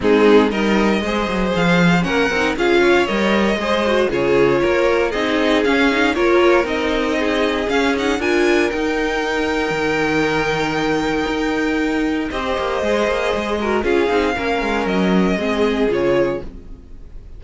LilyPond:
<<
  \new Staff \with { instrumentName = "violin" } { \time 4/4 \tempo 4 = 117 gis'4 dis''2 f''4 | fis''4 f''4 dis''2 | cis''2 dis''4 f''4 | cis''4 dis''2 f''8 fis''8 |
gis''4 g''2.~ | g''1 | dis''2. f''4~ | f''4 dis''2 cis''4 | }
  \new Staff \with { instrumentName = "violin" } { \time 4/4 dis'4 ais'4 c''2 | ais'4 gis'8 cis''4. c''4 | gis'4 ais'4 gis'2 | ais'2 gis'2 |
ais'1~ | ais'1 | c''2~ c''8 ais'8 gis'4 | ais'2 gis'2 | }
  \new Staff \with { instrumentName = "viola" } { \time 4/4 c'4 dis'4 gis'2 | cis'8 dis'8 f'4 ais'4 gis'8 fis'8 | f'2 dis'4 cis'8 dis'8 | f'4 dis'2 cis'8 dis'8 |
f'4 dis'2.~ | dis'1 | g'4 gis'4. fis'8 f'8 dis'8 | cis'2 c'4 f'4 | }
  \new Staff \with { instrumentName = "cello" } { \time 4/4 gis4 g4 gis8 fis8 f4 | ais8 c'8 cis'4 g4 gis4 | cis4 ais4 c'4 cis'4 | ais4 c'2 cis'4 |
d'4 dis'2 dis4~ | dis2 dis'2 | c'8 ais8 gis8 ais8 gis4 cis'8 c'8 | ais8 gis8 fis4 gis4 cis4 | }
>>